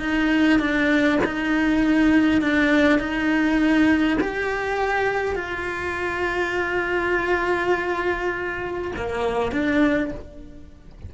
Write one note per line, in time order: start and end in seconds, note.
0.00 0.59 D#4
0.60 1.19 D4
1.24 2.42 D#4
2.42 2.99 D4
2.99 4.18 D#4
4.21 5.35 G4
5.35 8.92 F4
8.96 9.52 A#3
9.52 10.12 D4